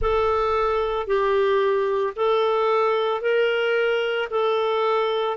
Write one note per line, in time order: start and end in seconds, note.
0.01 1.06 A4
1.06 2.13 G4
2.16 3.21 A4
3.21 4.28 A#4
4.30 5.37 A4